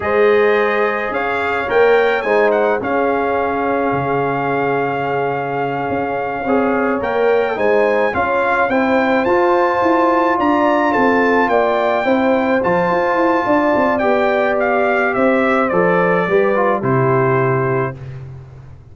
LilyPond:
<<
  \new Staff \with { instrumentName = "trumpet" } { \time 4/4 \tempo 4 = 107 dis''2 f''4 g''4 | gis''8 fis''8 f''2.~ | f''1~ | f''8 g''4 gis''4 f''4 g''8~ |
g''8 a''2 ais''4 a''8~ | a''8 g''2 a''4.~ | a''4 g''4 f''4 e''4 | d''2 c''2 | }
  \new Staff \with { instrumentName = "horn" } { \time 4/4 c''2 cis''2 | c''4 gis'2.~ | gis'2.~ gis'8 cis''8~ | cis''4. c''4 cis''4 c''8~ |
c''2~ c''8 d''4 a'8~ | a'8 d''4 c''2~ c''8 | d''2. c''4~ | c''4 b'4 g'2 | }
  \new Staff \with { instrumentName = "trombone" } { \time 4/4 gis'2. ais'4 | dis'4 cis'2.~ | cis'2.~ cis'8 gis'8~ | gis'8 ais'4 dis'4 f'4 e'8~ |
e'8 f'2.~ f'8~ | f'4. e'4 f'4.~ | f'4 g'2. | a'4 g'8 f'8 e'2 | }
  \new Staff \with { instrumentName = "tuba" } { \time 4/4 gis2 cis'4 ais4 | gis4 cis'2 cis4~ | cis2~ cis8 cis'4 c'8~ | c'8 ais4 gis4 cis'4 c'8~ |
c'8 f'4 e'4 d'4 c'8~ | c'8 ais4 c'4 f8 f'8 e'8 | d'8 c'8 b2 c'4 | f4 g4 c2 | }
>>